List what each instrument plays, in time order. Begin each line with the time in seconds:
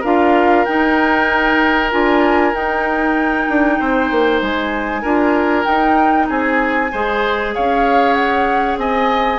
0.00 bassoon D4, clarinet F4, oboe A#4, flute F5
0.65 clarinet D#4, bassoon D#4, flute G5
1.90 bassoon D4, clarinet F4, flute G#5
2.53 bassoon D#4, clarinet D#4, flute G5
3.48 bassoon D4
3.79 bassoon C4, oboe C5
4.11 bassoon A#3
4.41 bassoon G#3, flute G#5
5.02 bassoon D4, clarinet F4, oboe A#4
5.64 clarinet D#4, bassoon D#4, flute G5
6.29 bassoon C4, oboe G#4, flute G#5
6.92 bassoon G#3, clarinet G#4, oboe C5
7.55 bassoon C#4, oboe C#5, flute F5
8.13 flute F#5
8.77 bassoon C4, oboe D#5, flute G#5